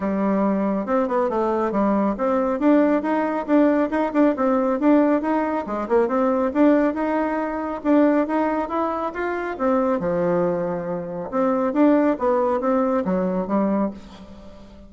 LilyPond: \new Staff \with { instrumentName = "bassoon" } { \time 4/4 \tempo 4 = 138 g2 c'8 b8 a4 | g4 c'4 d'4 dis'4 | d'4 dis'8 d'8 c'4 d'4 | dis'4 gis8 ais8 c'4 d'4 |
dis'2 d'4 dis'4 | e'4 f'4 c'4 f4~ | f2 c'4 d'4 | b4 c'4 fis4 g4 | }